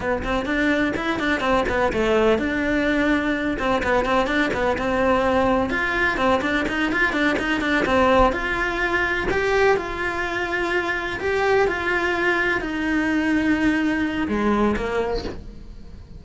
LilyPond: \new Staff \with { instrumentName = "cello" } { \time 4/4 \tempo 4 = 126 b8 c'8 d'4 e'8 d'8 c'8 b8 | a4 d'2~ d'8 c'8 | b8 c'8 d'8 b8 c'2 | f'4 c'8 d'8 dis'8 f'8 d'8 dis'8 |
d'8 c'4 f'2 g'8~ | g'8 f'2. g'8~ | g'8 f'2 dis'4.~ | dis'2 gis4 ais4 | }